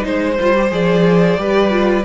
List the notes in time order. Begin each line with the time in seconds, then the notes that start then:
0.00 G#3 D#4 C5
0.07 C5
0.40 G3 F4
0.55 G4
0.71 F3 G#4 D5
1.37 G3 G4 B4
1.70 F4